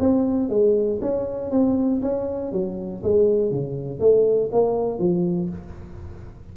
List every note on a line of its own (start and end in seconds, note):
0.00 0.50 C4
0.50 1.00 G#3
1.02 1.51 C#4
1.51 2.02 C4
2.03 2.52 C#4
2.52 3.03 F#3
3.04 3.52 G#3
3.52 4.00 C#3
4.00 4.51 A3
4.53 4.99 A#3
4.99 5.50 F3